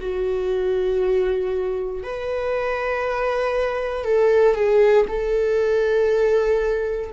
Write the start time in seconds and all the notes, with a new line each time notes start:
0.00 F#4
2.03 B4
4.04 A4
4.55 G#4
5.08 A4